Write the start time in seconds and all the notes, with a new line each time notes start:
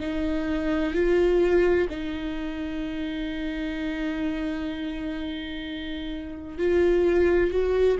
0.00 D#4
0.94 F4
1.89 D#4
6.58 F4
7.50 F#4